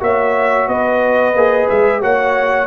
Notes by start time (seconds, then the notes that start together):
0.00 A#3 F#4 C#5 E5
0.67 B3 B4 D#5
1.34 A#3 G#4
1.69 G#3 E5
2.01 A#3 F#4 C#5 F#5